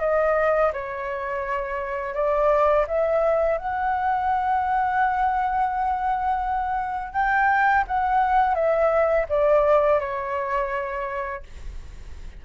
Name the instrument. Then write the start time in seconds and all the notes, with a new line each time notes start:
flute
0.00 D#5
0.73 C#5
2.14 D5
2.87 E5
3.57 F#5
7.12 G5
7.87 F#5
8.54 E5
9.29 D5
10.00 C#5